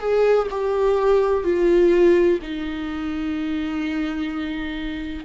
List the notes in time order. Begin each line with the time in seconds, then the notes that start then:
0.00 G#4
0.51 G4
1.44 F4
2.42 D#4